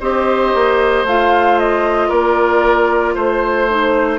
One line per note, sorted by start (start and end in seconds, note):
0.00 0.53 C4
0.00 1.06 G4
0.00 2.08 C5
0.00 1.06 D#5
0.54 1.04 A#3
1.04 2.09 A3
1.04 3.69 F4
1.04 1.59 F5
1.59 2.09 D#5
2.08 3.15 A#3
2.08 3.14 A#4
2.08 3.15 D5
3.14 4.19 A3
3.14 4.19 C5
3.69 4.19 D#4